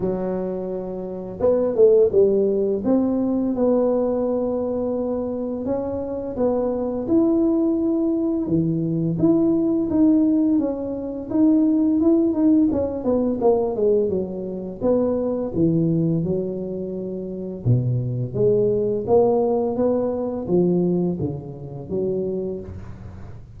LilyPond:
\new Staff \with { instrumentName = "tuba" } { \time 4/4 \tempo 4 = 85 fis2 b8 a8 g4 | c'4 b2. | cis'4 b4 e'2 | e4 e'4 dis'4 cis'4 |
dis'4 e'8 dis'8 cis'8 b8 ais8 gis8 | fis4 b4 e4 fis4~ | fis4 b,4 gis4 ais4 | b4 f4 cis4 fis4 | }